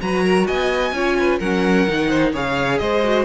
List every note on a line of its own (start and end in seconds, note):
0.00 0.48 F#3
0.00 0.93 F#4
0.00 0.24 B4
0.00 0.47 A#5
0.24 0.47 A#4
0.47 0.92 B3
0.47 0.93 D#5
0.47 1.39 G#5
0.92 1.38 C#4
0.92 1.41 F4
0.92 1.17 C#5
1.19 1.39 B4
1.39 1.87 F#3
1.39 1.87 C#4
1.39 2.08 A#4
1.39 2.32 F#5
1.87 2.34 D#3
1.87 2.33 D#4
2.08 2.31 C5
2.32 2.80 C#3
2.32 3.03 G#4
2.32 2.79 C#5
2.32 2.78 F5
2.78 3.25 G#3
2.78 3.25 C5
2.78 3.24 D#5
3.03 3.25 F#4